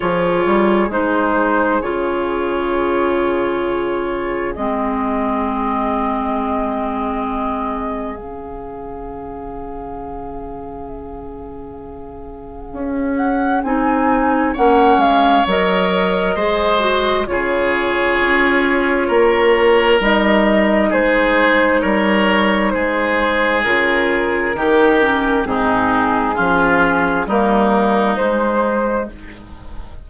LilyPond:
<<
  \new Staff \with { instrumentName = "flute" } { \time 4/4 \tempo 4 = 66 cis''4 c''4 cis''2~ | cis''4 dis''2.~ | dis''4 f''2.~ | f''2~ f''8 fis''8 gis''4 |
fis''8 f''8 dis''2 cis''4~ | cis''2 dis''4 c''4 | cis''4 c''4 ais'2 | gis'2 ais'4 c''4 | }
  \new Staff \with { instrumentName = "oboe" } { \time 4/4 gis'1~ | gis'1~ | gis'1~ | gis'1 |
cis''2 c''4 gis'4~ | gis'4 ais'2 gis'4 | ais'4 gis'2 g'4 | dis'4 f'4 dis'2 | }
  \new Staff \with { instrumentName = "clarinet" } { \time 4/4 f'4 dis'4 f'2~ | f'4 c'2.~ | c'4 cis'2.~ | cis'2. dis'4 |
cis'4 ais'4 gis'8 fis'8 f'4~ | f'2 dis'2~ | dis'2 f'4 dis'8 cis'8 | c'4 cis'4 ais4 gis4 | }
  \new Staff \with { instrumentName = "bassoon" } { \time 4/4 f8 g8 gis4 cis2~ | cis4 gis2.~ | gis4 cis2.~ | cis2 cis'4 c'4 |
ais8 gis8 fis4 gis4 cis4 | cis'4 ais4 g4 gis4 | g4 gis4 cis4 dis4 | gis,4 f4 g4 gis4 | }
>>